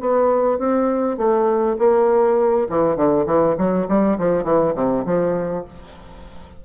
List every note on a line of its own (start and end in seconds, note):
0.00 0.58 B3
0.58 1.17 C4
1.17 1.76 A3
1.78 2.67 A#3
2.69 2.96 E3
2.96 3.25 D3
3.26 3.56 E3
3.58 3.87 F#3
3.88 4.17 G3
4.18 4.44 F3
4.44 4.73 E3
4.75 5.04 C3
5.05 5.64 F3